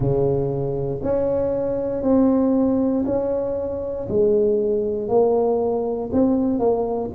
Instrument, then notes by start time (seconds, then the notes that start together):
tuba
0.00 C#3
1.03 C#4
2.02 C4
3.05 C#4
4.08 G#3
5.08 A#3
6.12 C4
6.59 A#3